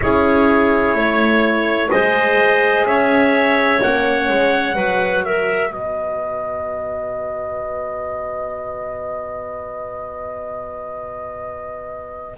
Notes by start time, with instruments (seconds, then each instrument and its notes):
0.01 double bass C#4, horn E4, clarinet G#4, trumpet C#5
0.94 double bass A3, clarinet C#5
1.90 double bass G#3, horn G#4, clarinet C5, trumpet D#5
2.85 double bass C#4, clarinet C#5, trumpet E5
3.82 double bass A#3, horn C#4, trumpet F#5
4.28 double bass G#3
4.75 double bass F#3, horn F#4, clarinet B4
5.24 clarinet A#4, trumpet E5
5.68 double bass B3, clarinet B4, trumpet D#5